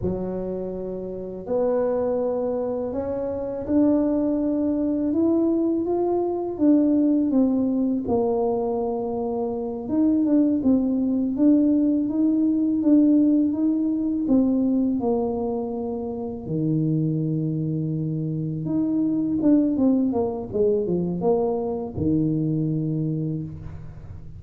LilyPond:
\new Staff \with { instrumentName = "tuba" } { \time 4/4 \tempo 4 = 82 fis2 b2 | cis'4 d'2 e'4 | f'4 d'4 c'4 ais4~ | ais4. dis'8 d'8 c'4 d'8~ |
d'8 dis'4 d'4 dis'4 c'8~ | c'8 ais2 dis4.~ | dis4. dis'4 d'8 c'8 ais8 | gis8 f8 ais4 dis2 | }